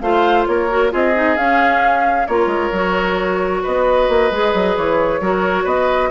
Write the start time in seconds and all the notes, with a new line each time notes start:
0.00 A3 F4 C5 F5
0.46 A#3 A#4 C#5
0.69 F#4
0.90 C4 F4 G#4 D#5
1.14 D#4
1.37 C#4 F5
2.26 A#3 F4 A#4 C#5
2.46 G#3
2.72 F#3 F#4
3.62 B3 B4 D#5
4.08 A#3
4.31 G#3 G#4
4.54 F#3
4.77 E3 C#5
5.20 F#3 F#4 A#4
5.64 B3 B4 D#5